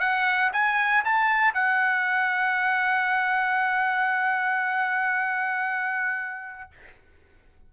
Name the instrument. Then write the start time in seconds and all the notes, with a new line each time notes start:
trumpet
0.00 F#5
0.53 G#5
1.05 A5
1.54 F#5